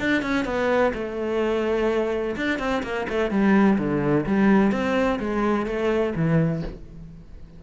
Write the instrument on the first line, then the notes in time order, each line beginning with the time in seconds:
cello
0.00 D4
0.22 C#4
0.45 B3
0.94 A3
2.36 D4
2.59 C4
2.83 A#3
3.09 A3
3.30 G3
3.78 D3
4.26 G3
4.72 C4
5.19 G#3
5.66 A3
6.15 E3